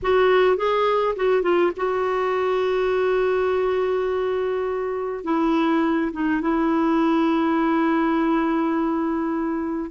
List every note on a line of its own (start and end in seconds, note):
0.02 0.57 F#4
0.57 1.15 G#4
1.16 1.42 F#4
1.42 1.71 F4
1.76 5.24 F#4
5.24 6.11 E4
6.12 6.41 D#4
6.41 9.90 E4